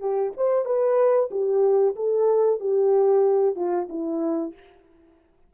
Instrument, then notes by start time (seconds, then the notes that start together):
horn
0.00 G4
0.37 C5
0.65 B4
1.31 G4
1.96 A4
2.60 G4
3.56 F4
3.89 E4